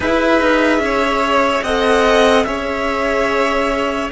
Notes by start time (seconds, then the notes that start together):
0.00 E4 G#4 B4 E5
0.40 D#4
0.78 C#4 C#5
1.62 C4 A4 D#5 F#5
2.44 C#4 G#4 C#5 E5